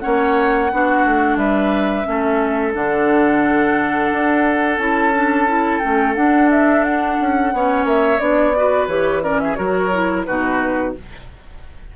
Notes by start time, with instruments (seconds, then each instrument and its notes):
0.00 bassoon A#3, clarinet C#4, oboe C#5, flute F#5
0.72 bassoon B3, clarinet D4, oboe F#4
1.05 bassoon A3
1.36 bassoon G3, oboe B4, flute E5
2.04 bassoon A3, clarinet C#4, oboe A4
2.73 bassoon D3, clarinet D4, flute F#5
4.12 bassoon D4
4.78 bassoon C#4, clarinet E4, flute A5
5.15 clarinet D4
5.48 clarinet E4
5.79 bassoon A3, clarinet C#4, flute G5
6.15 bassoon D4, clarinet D4, flute F#5
6.51 flute E5
6.84 flute F#5
7.20 bassoon C#4
7.53 bassoon B3, clarinet C#4, oboe C#5
7.85 bassoon A#3, flute E5
8.19 bassoon B3, clarinet D4, flute D5
8.56 clarinet F#4, oboe B4
8.87 bassoon E3, clarinet G4, flute C#5
9.23 clarinet C#4, oboe A#4, flute D5
9.39 oboe G#4, flute E5
9.55 bassoon F#3, clarinet F#4, oboe A#4, flute C#5
9.93 clarinet E4
10.25 bassoon B2, clarinet D#4, oboe F#4, flute B4